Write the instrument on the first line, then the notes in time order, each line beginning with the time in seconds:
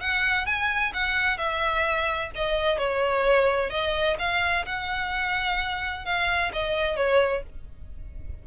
violin
0.00 F#5
0.46 G#5
0.93 F#5
1.37 E5
2.35 D#5
2.78 C#5
3.70 D#5
4.18 F5
4.65 F#5
6.05 F5
6.52 D#5
6.96 C#5